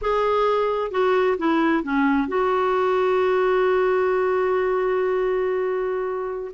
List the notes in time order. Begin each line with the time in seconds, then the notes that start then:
0.01 G#4
0.91 F#4
1.37 E4
1.83 C#4
2.28 F#4